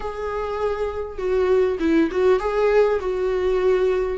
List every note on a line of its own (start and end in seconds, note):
0.00 1.18 G#4
1.18 1.78 F#4
1.79 2.09 E4
2.11 2.39 F#4
2.39 2.99 G#4
2.99 4.17 F#4